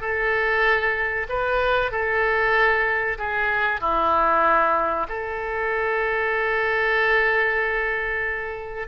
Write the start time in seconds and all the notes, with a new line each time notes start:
0.00 A4
1.29 B4
1.91 A4
3.18 G#4
3.80 E4
5.08 A4